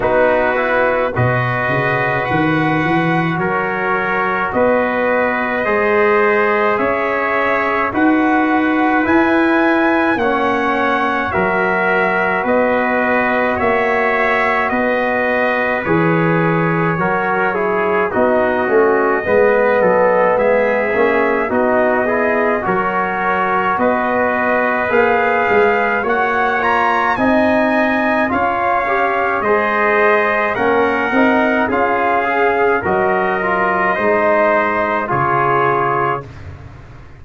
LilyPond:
<<
  \new Staff \with { instrumentName = "trumpet" } { \time 4/4 \tempo 4 = 53 b'4 dis''4 fis''4 cis''4 | dis''2 e''4 fis''4 | gis''4 fis''4 e''4 dis''4 | e''4 dis''4 cis''2 |
dis''2 e''4 dis''4 | cis''4 dis''4 f''4 fis''8 ais''8 | gis''4 f''4 dis''4 fis''4 | f''4 dis''2 cis''4 | }
  \new Staff \with { instrumentName = "trumpet" } { \time 4/4 fis'4 b'2 ais'4 | b'4 c''4 cis''4 b'4~ | b'4 cis''4 ais'4 b'4 | cis''4 b'2 ais'8 gis'8 |
fis'4 b'8 a'8 gis'4 fis'8 gis'8 | ais'4 b'2 cis''4 | dis''4 cis''4 c''4 ais'4 | gis'4 ais'4 c''4 gis'4 | }
  \new Staff \with { instrumentName = "trombone" } { \time 4/4 dis'8 e'8 fis'2.~ | fis'4 gis'2 fis'4 | e'4 cis'4 fis'2~ | fis'2 gis'4 fis'8 e'8 |
dis'8 cis'8 b4. cis'8 dis'8 e'8 | fis'2 gis'4 fis'8 f'8 | dis'4 f'8 g'8 gis'4 cis'8 dis'8 | f'8 gis'8 fis'8 f'8 dis'4 f'4 | }
  \new Staff \with { instrumentName = "tuba" } { \time 4/4 b4 b,8 cis8 dis8 e8 fis4 | b4 gis4 cis'4 dis'4 | e'4 ais4 fis4 b4 | ais4 b4 e4 fis4 |
b8 a8 gis8 fis8 gis8 ais8 b4 | fis4 b4 ais8 gis8 ais4 | c'4 cis'4 gis4 ais8 c'8 | cis'4 fis4 gis4 cis4 | }
>>